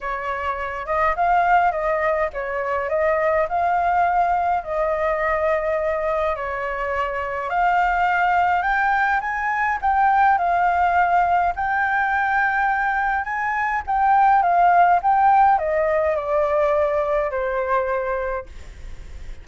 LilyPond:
\new Staff \with { instrumentName = "flute" } { \time 4/4 \tempo 4 = 104 cis''4. dis''8 f''4 dis''4 | cis''4 dis''4 f''2 | dis''2. cis''4~ | cis''4 f''2 g''4 |
gis''4 g''4 f''2 | g''2. gis''4 | g''4 f''4 g''4 dis''4 | d''2 c''2 | }